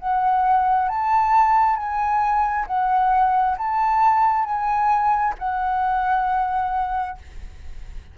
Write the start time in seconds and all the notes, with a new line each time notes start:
0.00 F#5
0.89 A5
1.77 G#5
2.67 F#5
3.58 A5
4.45 G#5
5.39 F#5